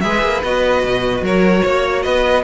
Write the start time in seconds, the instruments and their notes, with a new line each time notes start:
0.00 cello G#3, viola G#4, violin B4 E5
0.22 cello A#3
0.43 cello B3, viola F#4, violin D#5
0.84 cello B2
1.21 cello F#3, violin A#4 C#5
1.63 cello A#3, violin C#5
2.02 cello B3, violin B4 D#5